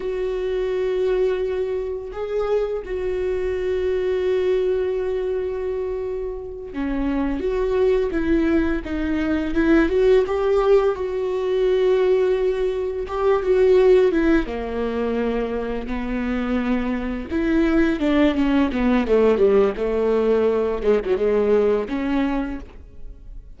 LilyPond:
\new Staff \with { instrumentName = "viola" } { \time 4/4 \tempo 4 = 85 fis'2. gis'4 | fis'1~ | fis'4. cis'4 fis'4 e'8~ | e'8 dis'4 e'8 fis'8 g'4 fis'8~ |
fis'2~ fis'8 g'8 fis'4 | e'8 ais2 b4.~ | b8 e'4 d'8 cis'8 b8 a8 g8 | a4. gis16 fis16 gis4 cis'4 | }